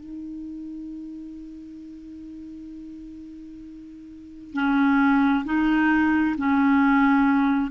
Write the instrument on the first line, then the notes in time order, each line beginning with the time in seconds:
clarinet
0.00 D#4
4.54 C#4
5.45 D#4
6.38 C#4